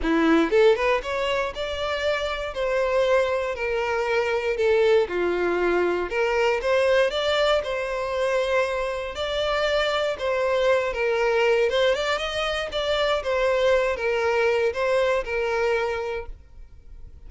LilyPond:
\new Staff \with { instrumentName = "violin" } { \time 4/4 \tempo 4 = 118 e'4 a'8 b'8 cis''4 d''4~ | d''4 c''2 ais'4~ | ais'4 a'4 f'2 | ais'4 c''4 d''4 c''4~ |
c''2 d''2 | c''4. ais'4. c''8 d''8 | dis''4 d''4 c''4. ais'8~ | ais'4 c''4 ais'2 | }